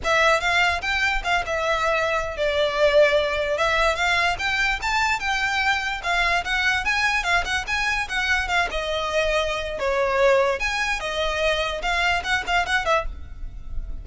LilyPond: \new Staff \with { instrumentName = "violin" } { \time 4/4 \tempo 4 = 147 e''4 f''4 g''4 f''8 e''8~ | e''4.~ e''16 d''2~ d''16~ | d''8. e''4 f''4 g''4 a''16~ | a''8. g''2 f''4 fis''16~ |
fis''8. gis''4 f''8 fis''8 gis''4 fis''16~ | fis''8. f''8 dis''2~ dis''8. | cis''2 gis''4 dis''4~ | dis''4 f''4 fis''8 f''8 fis''8 e''8 | }